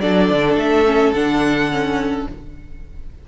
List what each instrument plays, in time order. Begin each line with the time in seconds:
0.00 cello F#3, viola D4, violin A4 D5
0.30 cello D3
0.55 cello A3, violin E5
0.85 viola C#4
1.12 cello D3, viola D4, violin F#5
1.71 viola C#4